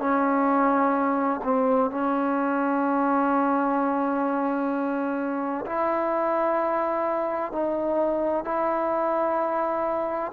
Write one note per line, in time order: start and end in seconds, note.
0.00 1.41 C#4
1.44 1.90 C4
1.90 5.65 C#4
5.66 7.52 E4
7.52 8.45 D#4
8.45 10.32 E4